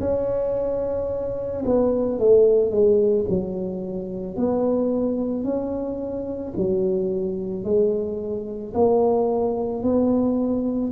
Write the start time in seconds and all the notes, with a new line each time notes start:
0.00 C#4
1.65 B3
2.19 A3
2.71 G#3
3.29 F#3
4.36 B3
5.44 C#4
6.57 F#3
7.64 G#3
8.74 A#3
9.83 B3